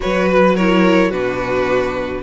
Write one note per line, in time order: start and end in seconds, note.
0.00 1.11 F#3
0.00 0.55 F#4
0.00 0.55 B4
0.00 0.28 C#5
0.29 0.56 B4
0.55 1.12 E4
0.55 1.10 A#4
0.55 1.11 C#5
1.10 2.22 B2
1.10 2.22 D4
1.10 2.21 F#4
1.10 2.22 B4